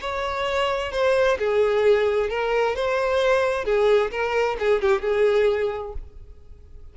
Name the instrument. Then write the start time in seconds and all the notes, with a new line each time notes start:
violin
0.00 C#5
0.92 C5
1.38 G#4
2.29 A#4
2.75 C5
3.65 G#4
4.11 A#4
4.59 G#4
4.81 G4
5.01 G#4